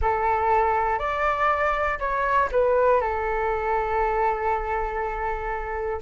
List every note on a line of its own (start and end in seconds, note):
0.01 0.98 A4
0.98 1.98 D5
1.99 2.49 C#5
2.51 3.00 B4
3.00 6.00 A4